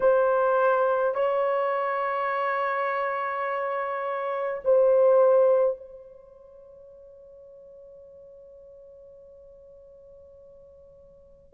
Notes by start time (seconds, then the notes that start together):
0.00 C5
1.14 C#5
4.64 C5
5.77 C#5